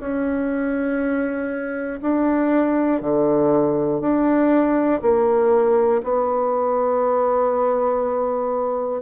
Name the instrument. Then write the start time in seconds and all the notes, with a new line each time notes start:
bassoon
0.00 C#4
2.02 D4
3.02 D3
4.02 D4
5.02 A#3
6.03 B3